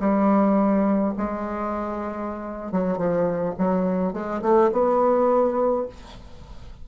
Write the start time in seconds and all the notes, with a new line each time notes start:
0.00 G3
1.18 G#3
2.72 F#3
2.98 F3
3.58 F#3
4.13 G#3
4.42 A3
4.73 B3